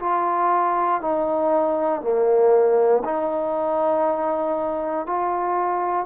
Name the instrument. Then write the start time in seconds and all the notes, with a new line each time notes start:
trombone
0.00 F4
1.01 D#4
2.02 A#3
3.05 D#4
5.07 F4